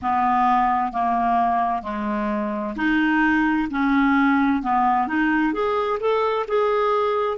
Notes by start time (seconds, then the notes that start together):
0.02 B3
0.92 A#3
1.82 G#3
2.76 D#4
3.70 C#4
4.62 B3
5.07 D#4
5.53 G#4
6.00 A4
6.47 G#4